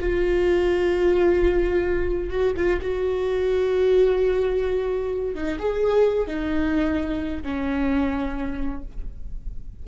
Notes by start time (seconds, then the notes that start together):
0.00 F4
2.30 F#4
2.57 F4
2.82 F#4
5.35 D#4
5.59 G#4
6.27 D#4
7.43 C#4